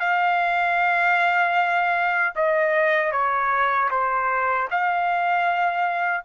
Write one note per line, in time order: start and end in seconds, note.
0.00 2.34 F5
2.35 3.12 D#5
3.12 3.90 C#5
3.90 4.68 C5
4.71 6.24 F5